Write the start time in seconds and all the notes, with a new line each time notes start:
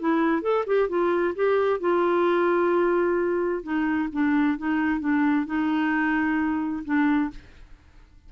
0.00 E4
0.42 A4
0.67 G4
0.89 F4
1.36 G4
1.80 F4
3.63 D#4
4.13 D4
4.58 D#4
5.01 D4
5.47 D#4
6.85 D4